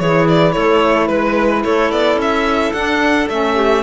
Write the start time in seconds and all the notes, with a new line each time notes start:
0.00 E3 E4 G#4 C#5
0.28 D5
0.53 A3 A4 C#5
1.07 G#3 B4
1.63 A3 A4 C#5
1.92 B3 D5
2.16 C#4 E5
2.73 D4 F#5
3.30 A3 C#4 E5
3.55 G4